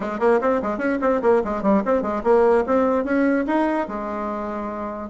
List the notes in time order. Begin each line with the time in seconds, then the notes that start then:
0.00 G#3
0.19 A#3
0.41 C4
0.62 G#3
0.78 C#4
1.01 C4
1.22 A#3
1.44 G#3
1.62 G3
1.85 C4
2.01 G#3
2.23 A#3
2.66 C4
3.04 C#4
3.46 D#4
3.88 G#3